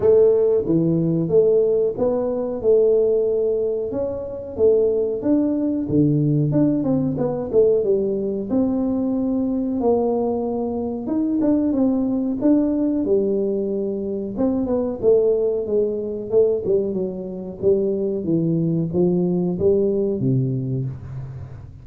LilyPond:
\new Staff \with { instrumentName = "tuba" } { \time 4/4 \tempo 4 = 92 a4 e4 a4 b4 | a2 cis'4 a4 | d'4 d4 d'8 c'8 b8 a8 | g4 c'2 ais4~ |
ais4 dis'8 d'8 c'4 d'4 | g2 c'8 b8 a4 | gis4 a8 g8 fis4 g4 | e4 f4 g4 c4 | }